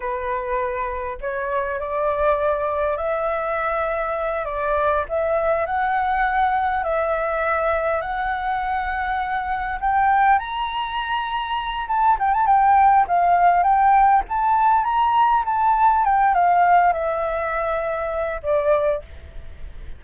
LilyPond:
\new Staff \with { instrumentName = "flute" } { \time 4/4 \tempo 4 = 101 b'2 cis''4 d''4~ | d''4 e''2~ e''8 d''8~ | d''8 e''4 fis''2 e''8~ | e''4. fis''2~ fis''8~ |
fis''8 g''4 ais''2~ ais''8 | a''8 g''16 a''16 g''4 f''4 g''4 | a''4 ais''4 a''4 g''8 f''8~ | f''8 e''2~ e''8 d''4 | }